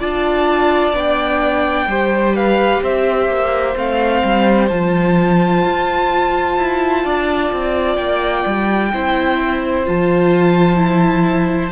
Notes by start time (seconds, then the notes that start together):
0.00 D4 F4 D5 A5
0.94 B3 D4 G5
1.87 G3 G4 C5
2.36 B4 F5
2.83 C4 C5 E5
3.29 A#3
3.76 A3 C4 F5
4.24 G3
4.69 F3 F4 A5
5.65 F4
6.58 E4
7.04 D4 D5
7.52 C4
7.96 A#3 G5
8.46 G3
8.94 C4 E4 C5
9.86 F3 F4 A5
10.77 E4